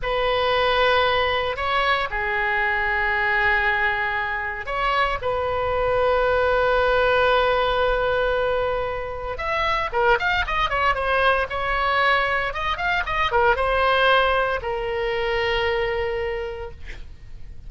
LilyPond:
\new Staff \with { instrumentName = "oboe" } { \time 4/4 \tempo 4 = 115 b'2. cis''4 | gis'1~ | gis'4 cis''4 b'2~ | b'1~ |
b'2 e''4 ais'8 f''8 | dis''8 cis''8 c''4 cis''2 | dis''8 f''8 dis''8 ais'8 c''2 | ais'1 | }